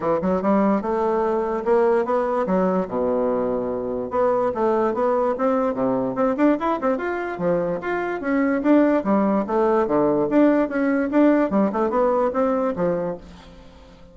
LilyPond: \new Staff \with { instrumentName = "bassoon" } { \time 4/4 \tempo 4 = 146 e8 fis8 g4 a2 | ais4 b4 fis4 b,4~ | b,2 b4 a4 | b4 c'4 c4 c'8 d'8 |
e'8 c'8 f'4 f4 f'4 | cis'4 d'4 g4 a4 | d4 d'4 cis'4 d'4 | g8 a8 b4 c'4 f4 | }